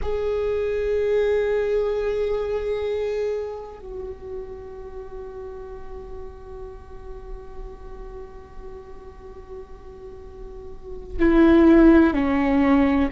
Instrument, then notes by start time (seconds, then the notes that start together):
viola
0.02 G#4
3.79 F#4
11.19 E4
12.13 C#4